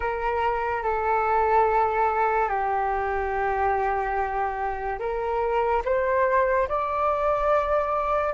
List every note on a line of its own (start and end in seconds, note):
0.00 0.82 A#4
0.82 2.48 A4
2.48 4.98 G4
4.98 5.82 A#4
5.84 6.68 C5
6.68 8.33 D5